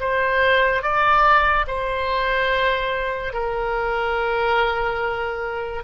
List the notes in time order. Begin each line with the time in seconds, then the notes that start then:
0.00 C5
0.82 D5
1.67 C5
3.33 A#4